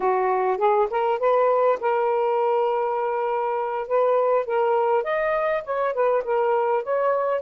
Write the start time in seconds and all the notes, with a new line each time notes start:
0.00 F#4
0.57 G#4
0.90 A#4
1.19 B4
1.80 A#4
3.87 B4
4.45 A#4
5.03 D#5
5.64 C#5
5.93 B4
6.23 A#4
6.83 C#5